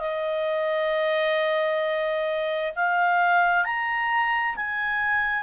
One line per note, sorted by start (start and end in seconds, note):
0.00 2.73 D#5
2.76 3.65 F5
3.65 4.56 A#5
4.56 5.43 G#5